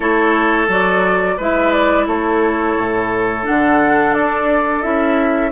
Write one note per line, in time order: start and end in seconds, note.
0.00 0.68 A3
0.00 0.68 E4
0.00 1.35 A4
0.00 0.68 C#5
0.68 1.36 F#3
0.68 1.38 F#4
0.68 1.41 D5
1.37 2.06 G#3
1.37 3.42 E4
1.37 2.06 B4
1.37 1.71 E5
1.71 2.06 D5
2.06 2.75 A3
2.06 5.51 A4
2.06 3.45 C#5
2.77 3.46 A2
3.42 4.80 D4
3.42 4.13 F#5
3.48 4.17 D3
4.13 4.84 D4
4.13 4.82 D5
4.81 5.51 C#4
4.81 5.50 E4
4.81 5.51 E5